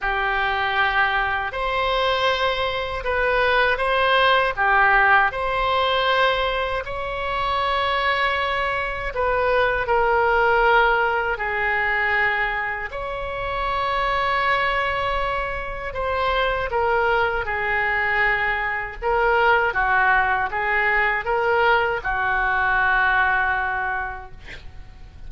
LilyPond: \new Staff \with { instrumentName = "oboe" } { \time 4/4 \tempo 4 = 79 g'2 c''2 | b'4 c''4 g'4 c''4~ | c''4 cis''2. | b'4 ais'2 gis'4~ |
gis'4 cis''2.~ | cis''4 c''4 ais'4 gis'4~ | gis'4 ais'4 fis'4 gis'4 | ais'4 fis'2. | }